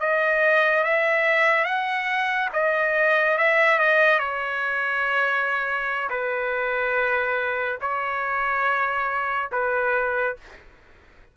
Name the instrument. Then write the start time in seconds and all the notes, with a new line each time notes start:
trumpet
0.00 D#5
0.84 E5
1.64 F#5
2.53 D#5
3.38 E5
3.79 D#5
4.19 C#5
6.10 B4
7.81 C#5
9.52 B4